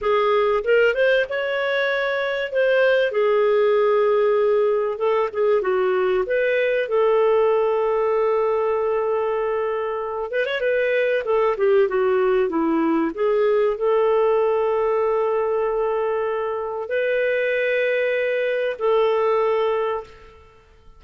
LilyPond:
\new Staff \with { instrumentName = "clarinet" } { \time 4/4 \tempo 4 = 96 gis'4 ais'8 c''8 cis''2 | c''4 gis'2. | a'8 gis'8 fis'4 b'4 a'4~ | a'1~ |
a'8 b'16 cis''16 b'4 a'8 g'8 fis'4 | e'4 gis'4 a'2~ | a'2. b'4~ | b'2 a'2 | }